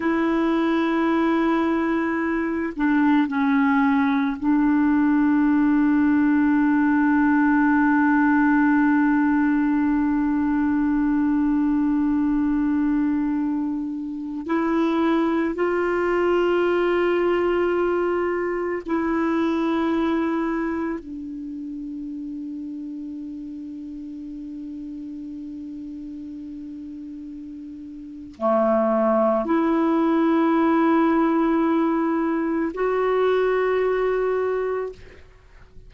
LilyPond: \new Staff \with { instrumentName = "clarinet" } { \time 4/4 \tempo 4 = 55 e'2~ e'8 d'8 cis'4 | d'1~ | d'1~ | d'4~ d'16 e'4 f'4.~ f'16~ |
f'4~ f'16 e'2 d'8.~ | d'1~ | d'2 a4 e'4~ | e'2 fis'2 | }